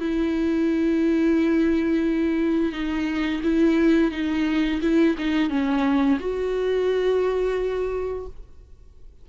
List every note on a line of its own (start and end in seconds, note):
0.00 2.73 E4
2.73 3.42 D#4
3.44 4.12 E4
4.12 4.81 D#4
4.82 5.16 E4
5.18 5.50 D#4
5.50 6.19 C#4
6.20 8.27 F#4